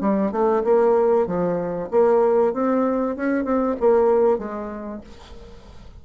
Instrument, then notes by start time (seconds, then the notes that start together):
bassoon
0.00 G3
0.31 A3
0.64 A#3
1.26 F3
1.90 A#3
2.53 C4
3.16 C#4
3.44 C4
3.80 A#3
4.38 G#3